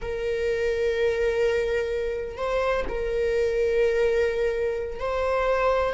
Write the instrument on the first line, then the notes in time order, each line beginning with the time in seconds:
viola
0.01 A#4
2.37 C5
2.88 A#4
4.99 C5